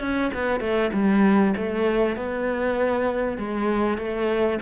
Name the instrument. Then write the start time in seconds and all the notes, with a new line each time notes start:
cello
0.00 C#4
0.33 B3
0.60 A3
0.93 G3
1.57 A3
2.16 B3
3.38 G#3
3.98 A3